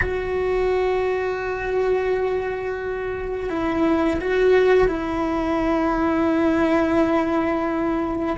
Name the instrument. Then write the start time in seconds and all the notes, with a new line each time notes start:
cello
0.01 F#4
3.49 E4
4.20 F#4
4.87 E4